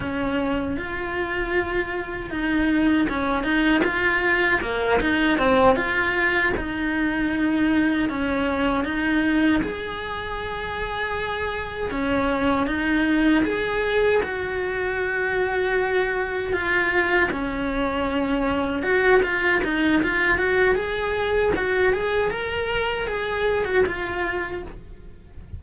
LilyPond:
\new Staff \with { instrumentName = "cello" } { \time 4/4 \tempo 4 = 78 cis'4 f'2 dis'4 | cis'8 dis'8 f'4 ais8 dis'8 c'8 f'8~ | f'8 dis'2 cis'4 dis'8~ | dis'8 gis'2. cis'8~ |
cis'8 dis'4 gis'4 fis'4.~ | fis'4. f'4 cis'4.~ | cis'8 fis'8 f'8 dis'8 f'8 fis'8 gis'4 | fis'8 gis'8 ais'4 gis'8. fis'16 f'4 | }